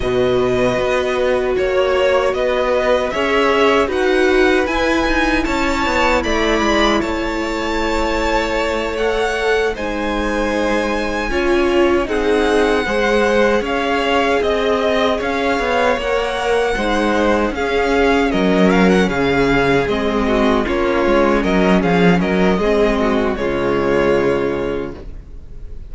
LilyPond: <<
  \new Staff \with { instrumentName = "violin" } { \time 4/4 \tempo 4 = 77 dis''2 cis''4 dis''4 | e''4 fis''4 gis''4 a''4 | b''4 a''2~ a''8 fis''8~ | fis''8 gis''2. fis''8~ |
fis''4. f''4 dis''4 f''8~ | f''8 fis''2 f''4 dis''8 | f''16 fis''16 f''4 dis''4 cis''4 dis''8 | f''8 dis''4. cis''2 | }
  \new Staff \with { instrumentName = "violin" } { \time 4/4 b'2 cis''4 b'4 | cis''4 b'2 cis''4 | d''4 cis''2.~ | cis''8 c''2 cis''4 gis'8~ |
gis'8 c''4 cis''4 dis''4 cis''8~ | cis''4. c''4 gis'4 ais'8~ | ais'8 gis'4. fis'8 f'4 ais'8 | gis'8 ais'8 gis'8 fis'8 f'2 | }
  \new Staff \with { instrumentName = "viola" } { \time 4/4 fis'1 | gis'4 fis'4 e'2~ | e'2.~ e'8 a'8~ | a'8 dis'2 f'4 dis'8~ |
dis'8 gis'2.~ gis'8~ | gis'8 ais'4 dis'4 cis'4.~ | cis'4. c'4 cis'4.~ | cis'4 c'4 gis2 | }
  \new Staff \with { instrumentName = "cello" } { \time 4/4 b,4 b4 ais4 b4 | cis'4 dis'4 e'8 dis'8 cis'8 b8 | a8 gis8 a2.~ | a8 gis2 cis'4 c'8~ |
c'8 gis4 cis'4 c'4 cis'8 | b8 ais4 gis4 cis'4 fis8~ | fis8 cis4 gis4 ais8 gis8 fis8 | f8 fis8 gis4 cis2 | }
>>